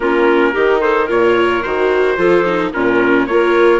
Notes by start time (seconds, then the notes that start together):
0.00 A#3 C#4 F4 A#4
0.52 D#3 D#4 G4
0.80 A4 C5
1.05 A#2 F4 A#4 C#5
1.62 D#3 F#4 C5
2.17 F3 F4 A4
2.45 D#4
2.73 A#2 C#4 F4 A#4
3.26 A#3 F4 A#4 C#5